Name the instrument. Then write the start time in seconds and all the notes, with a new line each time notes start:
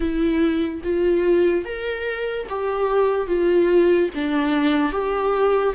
viola
0.00 E4
0.83 F4
1.64 A#4
2.49 G4
3.27 F4
4.14 D4
4.91 G4